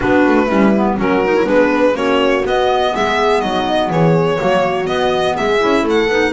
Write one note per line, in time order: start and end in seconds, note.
0.00 0.27 B3
0.00 0.47 D4
0.00 0.47 F#4
0.00 0.98 B4
0.27 0.48 A3
0.47 0.97 G3
0.47 0.72 C#4
0.47 0.96 E4
0.75 0.97 B3
0.97 1.45 F#3
0.97 1.21 C#4
0.97 1.43 F#4
0.97 1.48 A#4
1.24 1.35 D#4
1.35 1.44 E4
1.43 1.94 G#3
1.43 1.92 B3
1.43 1.93 D4
1.43 1.96 B4
1.93 2.42 A#3
1.93 2.42 C#4
1.93 2.93 F#4
1.93 2.45 C#5
2.44 2.93 B3
2.44 4.38 B3
2.44 2.95 D#5
2.94 3.42 G#3
2.94 3.42 G#4
2.94 3.40 E5
3.40 3.89 F#3
3.40 3.91 D#4
3.40 3.89 D#5
3.89 4.38 E3
3.89 4.39 G#4
3.89 4.86 C#5
4.38 4.87 F#3
4.38 4.84 A#3
4.38 5.36 F#4
4.84 5.57 B3
4.84 5.36 B3
4.84 5.35 D#5
5.36 5.63 G#3
5.36 5.82 G#4
5.36 5.86 E5
5.59 5.83 C#4
5.59 6.08 E4
5.82 6.07 A3
5.82 6.31 A4
5.89 6.33 F#5
6.07 6.32 B3
6.07 6.33 D#4